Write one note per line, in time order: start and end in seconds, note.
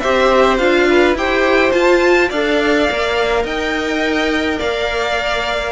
0.00 0.59 C4
0.00 0.59 G4
0.00 0.87 C5
0.00 0.57 E5
0.57 1.15 D4
0.57 1.16 F4
0.57 1.15 F5
0.90 1.18 B4
1.15 1.72 E4
1.15 1.72 G4
1.15 2.29 C5
1.15 1.72 G5
1.72 2.30 F4
1.72 2.31 F4
1.72 2.29 A5
2.29 2.89 D4
2.29 2.90 A4
2.29 3.43 D5
2.29 3.45 F5
2.90 3.44 A#3
2.90 5.72 A#4
3.44 4.59 D#4
3.44 4.59 D#5
3.44 4.60 G5
4.59 5.72 A#3
4.59 5.72 D5
4.59 5.72 F5